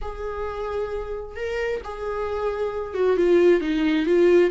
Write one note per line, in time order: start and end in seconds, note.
0.01 1.36 G#4
1.36 1.81 A#4
1.84 2.94 G#4
2.94 3.16 F#4
3.16 3.60 F4
3.60 4.05 D#4
4.05 4.50 F4